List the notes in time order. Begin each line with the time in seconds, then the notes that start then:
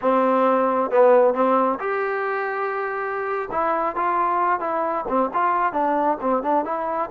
0.01 C4
0.90 B3
1.33 C4
1.79 G4
3.51 E4
3.95 F4
4.60 E4
5.08 C4
5.33 F4
5.73 D4
6.21 C4
6.43 D4
6.64 E4